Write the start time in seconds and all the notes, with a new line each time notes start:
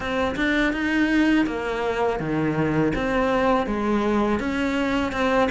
0.00 C4
0.36 D4
0.73 D#4
1.46 A#3
2.19 D#3
2.95 C4
3.66 G#3
4.39 C#4
5.12 C4